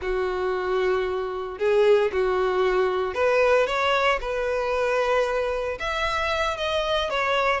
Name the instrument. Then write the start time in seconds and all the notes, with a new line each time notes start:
violin
0.01 F#4
1.58 G#4
2.12 F#4
3.14 B4
3.66 C#5
4.20 B4
5.79 E5
6.57 D#5
7.10 C#5